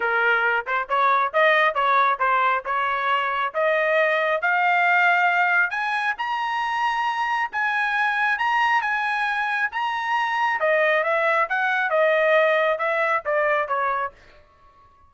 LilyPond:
\new Staff \with { instrumentName = "trumpet" } { \time 4/4 \tempo 4 = 136 ais'4. c''8 cis''4 dis''4 | cis''4 c''4 cis''2 | dis''2 f''2~ | f''4 gis''4 ais''2~ |
ais''4 gis''2 ais''4 | gis''2 ais''2 | dis''4 e''4 fis''4 dis''4~ | dis''4 e''4 d''4 cis''4 | }